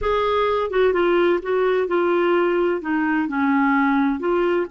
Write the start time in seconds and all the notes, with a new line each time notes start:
0.01 G#4
0.70 F#4
0.93 F4
1.42 F#4
1.87 F4
2.81 D#4
3.27 C#4
4.19 F4